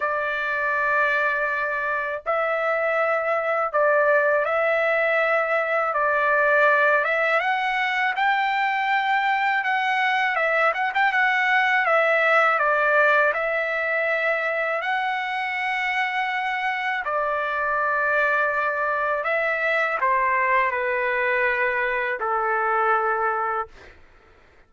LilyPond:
\new Staff \with { instrumentName = "trumpet" } { \time 4/4 \tempo 4 = 81 d''2. e''4~ | e''4 d''4 e''2 | d''4. e''8 fis''4 g''4~ | g''4 fis''4 e''8 fis''16 g''16 fis''4 |
e''4 d''4 e''2 | fis''2. d''4~ | d''2 e''4 c''4 | b'2 a'2 | }